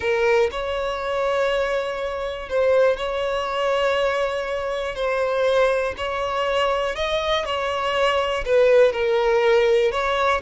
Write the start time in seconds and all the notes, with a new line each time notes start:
0.00 A#4
0.51 C#5
2.49 C5
2.97 C#5
4.95 C5
5.97 C#5
6.95 D#5
7.45 C#5
8.45 B4
8.92 A#4
9.91 C#5